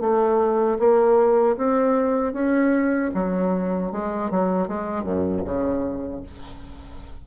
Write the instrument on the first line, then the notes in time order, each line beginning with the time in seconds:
bassoon
0.00 A3
0.79 A#3
1.57 C4
2.33 C#4
3.14 F#3
3.92 G#3
4.31 F#3
4.68 G#3
5.03 F#2
5.44 C#3